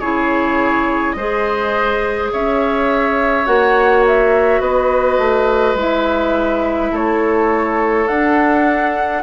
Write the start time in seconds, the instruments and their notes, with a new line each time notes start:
0.00 bassoon C#3, clarinet E4, oboe G#4, flute C#5
1.12 bassoon G#3, clarinet G#4, oboe C5, flute D#5
2.32 bassoon C#4, oboe C#5, flute E5
3.46 bassoon A#3, clarinet F#4, flute F#5
4.07 flute E5
4.60 bassoon B3, oboe B4, flute D#5
5.18 bassoon A3
5.75 bassoon G#3, clarinet E4, flute E5
6.92 bassoon A3, oboe A4, flute C#5
8.08 bassoon D4, clarinet D4, flute F#5